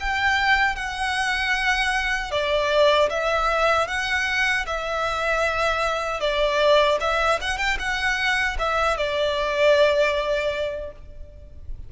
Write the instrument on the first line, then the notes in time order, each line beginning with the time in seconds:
violin
0.00 G5
0.76 F#5
2.31 D5
3.10 E5
3.88 F#5
4.66 E5
6.21 D5
7.00 E5
7.41 F#5
7.58 G5
7.79 F#5
8.59 E5
8.97 D5